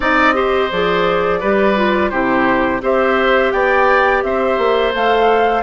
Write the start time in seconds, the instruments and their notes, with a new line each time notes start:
0.00 bassoon C4, clarinet D#4, oboe D5, flute D#5
0.33 clarinet G4, oboe C5
0.71 bassoon F3, clarinet G#4, flute D5
1.40 bassoon G3, clarinet G4, oboe B4
1.76 clarinet F4
2.09 bassoon C3, clarinet E4, oboe G4, flute C5
2.81 bassoon C4, clarinet G4, oboe C5, flute E5
3.51 bassoon B3, oboe D5, flute G5
4.22 bassoon C4, oboe C5, flute E5
4.58 bassoon A#3
4.93 bassoon A3, clarinet A4, flute F5